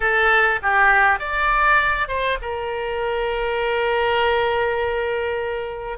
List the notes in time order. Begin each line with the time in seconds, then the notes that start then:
0.00 A4
0.62 G4
1.19 D5
2.08 C5
2.41 A#4